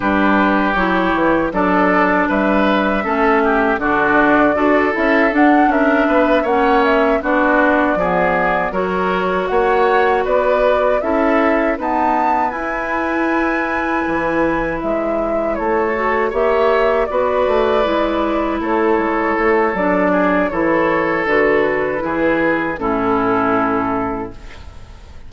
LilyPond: <<
  \new Staff \with { instrumentName = "flute" } { \time 4/4 \tempo 4 = 79 b'4 cis''4 d''4 e''4~ | e''4 d''4. e''8 fis''8 e''8~ | e''8 fis''8 e''8 d''2 cis''8~ | cis''8 fis''4 d''4 e''4 a''8~ |
a''8 gis''2. e''8~ | e''8 cis''4 e''4 d''4.~ | d''8 cis''4. d''4 cis''4 | b'2 a'2 | }
  \new Staff \with { instrumentName = "oboe" } { \time 4/4 g'2 a'4 b'4 | a'8 g'8 fis'4 a'4. ais'8 | b'8 cis''4 fis'4 gis'4 ais'8~ | ais'8 cis''4 b'4 a'4 b'8~ |
b'1~ | b'8 a'4 cis''4 b'4.~ | b'8 a'2 gis'8 a'4~ | a'4 gis'4 e'2 | }
  \new Staff \with { instrumentName = "clarinet" } { \time 4/4 d'4 e'4 d'2 | cis'4 d'4 fis'8 e'8 d'4~ | d'8 cis'4 d'4 b4 fis'8~ | fis'2~ fis'8 e'4 b8~ |
b8 e'2.~ e'8~ | e'4 fis'8 g'4 fis'4 e'8~ | e'2 d'4 e'4 | fis'4 e'4 cis'2 | }
  \new Staff \with { instrumentName = "bassoon" } { \time 4/4 g4 fis8 e8 fis4 g4 | a4 d4 d'8 cis'8 d'8 cis'8 | b8 ais4 b4 f4 fis8~ | fis8 ais4 b4 cis'4 dis'8~ |
dis'8 e'2 e4 gis8~ | gis8 a4 ais4 b8 a8 gis8~ | gis8 a8 gis8 a8 fis4 e4 | d4 e4 a,2 | }
>>